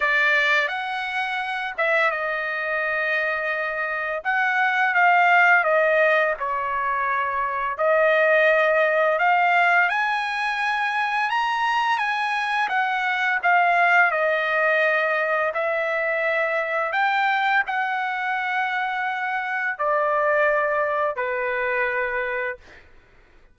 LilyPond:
\new Staff \with { instrumentName = "trumpet" } { \time 4/4 \tempo 4 = 85 d''4 fis''4. e''8 dis''4~ | dis''2 fis''4 f''4 | dis''4 cis''2 dis''4~ | dis''4 f''4 gis''2 |
ais''4 gis''4 fis''4 f''4 | dis''2 e''2 | g''4 fis''2. | d''2 b'2 | }